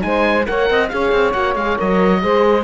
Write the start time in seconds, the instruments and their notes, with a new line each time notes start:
0.00 cello G#3, horn D#4, oboe G#5
0.06 saxophone C5
0.46 cello A#3, horn A#4, saxophone C#5, oboe F#5
0.70 cello C4, saxophone D#5
0.89 cello C#4, horn G#4, saxophone C#5, oboe F5
1.12 cello C4
1.33 cello A#3, horn F#4, oboe F#5
1.55 cello G#3, horn G#4, oboe F5
1.77 cello F#3, horn A#4, oboe D#5
2.21 cello G#3, horn G#4, saxophone C5